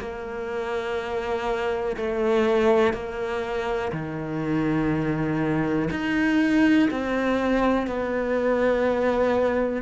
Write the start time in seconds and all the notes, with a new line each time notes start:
0.00 A#3
1.97 A3
2.94 A#3
3.93 D#3
5.91 D#4
6.91 C4
7.87 B3